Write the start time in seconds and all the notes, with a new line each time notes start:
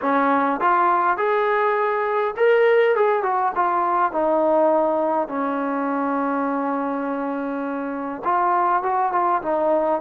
0.01 C#4
0.60 F4
1.17 G#4
2.37 A#4
2.95 G#4
3.22 F#4
3.55 F4
4.12 D#4
5.28 C#4
8.24 F4
8.82 F#4
9.12 F4
9.42 D#4